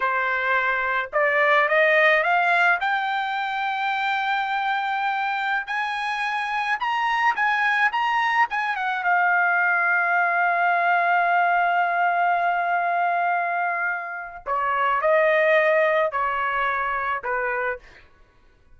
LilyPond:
\new Staff \with { instrumentName = "trumpet" } { \time 4/4 \tempo 4 = 108 c''2 d''4 dis''4 | f''4 g''2.~ | g''2~ g''16 gis''4.~ gis''16~ | gis''16 ais''4 gis''4 ais''4 gis''8 fis''16~ |
fis''16 f''2.~ f''8.~ | f''1~ | f''2 cis''4 dis''4~ | dis''4 cis''2 b'4 | }